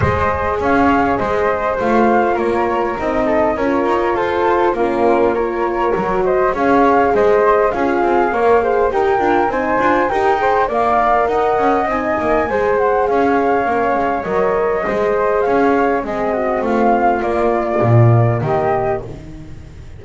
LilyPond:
<<
  \new Staff \with { instrumentName = "flute" } { \time 4/4 \tempo 4 = 101 dis''4 f''4 dis''4 f''4 | cis''4 dis''4 cis''4 c''4 | ais'4 cis''4. dis''8 f''4 | dis''4 f''2 g''4 |
gis''4 g''4 f''4 fis''4 | gis''4. fis''8 f''2 | dis''2 f''4 dis''4 | f''4 d''2 dis''4 | }
  \new Staff \with { instrumentName = "flute" } { \time 4/4 c''4 cis''4 c''2 | ais'4. a'8 ais'4 a'4 | f'4 ais'4. c''8 cis''4 | c''4 gis'4 cis''8 c''8 ais'4 |
c''4 ais'8 c''8 d''4 dis''4~ | dis''4 c''4 cis''2~ | cis''4 c''4 cis''4 gis'8 fis'8 | f'2. g'4 | }
  \new Staff \with { instrumentName = "horn" } { \time 4/4 gis'2. f'4~ | f'4 dis'4 f'2 | cis'4 f'4 fis'4 gis'4~ | gis'4 f'4 ais'8 gis'8 g'8 f'8 |
dis'8 f'8 g'8 gis'8 ais'2 | dis'4 gis'2 cis'4 | ais'4 gis'2 c'4~ | c'4 ais2. | }
  \new Staff \with { instrumentName = "double bass" } { \time 4/4 gis4 cis'4 gis4 a4 | ais4 c'4 cis'8 dis'8 f'4 | ais2 fis4 cis'4 | gis4 cis'8 c'8 ais4 dis'8 d'8 |
c'8 d'8 dis'4 ais4 dis'8 cis'8 | c'8 ais8 gis4 cis'4 ais8 gis8 | fis4 gis4 cis'4 gis4 | a4 ais4 ais,4 dis4 | }
>>